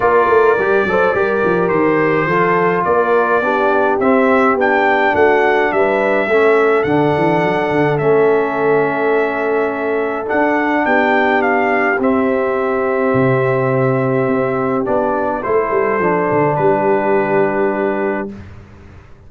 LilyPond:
<<
  \new Staff \with { instrumentName = "trumpet" } { \time 4/4 \tempo 4 = 105 d''2. c''4~ | c''4 d''2 e''4 | g''4 fis''4 e''2 | fis''2 e''2~ |
e''2 fis''4 g''4 | f''4 e''2.~ | e''2 d''4 c''4~ | c''4 b'2. | }
  \new Staff \with { instrumentName = "horn" } { \time 4/4 ais'4. c''8 ais'2 | a'4 ais'4 g'2~ | g'4 fis'4 b'4 a'4~ | a'1~ |
a'2. g'4~ | g'1~ | g'2. a'4~ | a'4 g'2. | }
  \new Staff \with { instrumentName = "trombone" } { \time 4/4 f'4 g'8 a'8 g'2 | f'2 d'4 c'4 | d'2. cis'4 | d'2 cis'2~ |
cis'2 d'2~ | d'4 c'2.~ | c'2 d'4 e'4 | d'1 | }
  \new Staff \with { instrumentName = "tuba" } { \time 4/4 ais8 a8 g8 fis8 g8 f8 dis4 | f4 ais4 b4 c'4 | b4 a4 g4 a4 | d8 e8 fis8 d8 a2~ |
a2 d'4 b4~ | b4 c'2 c4~ | c4 c'4 b4 a8 g8 | f8 d8 g2. | }
>>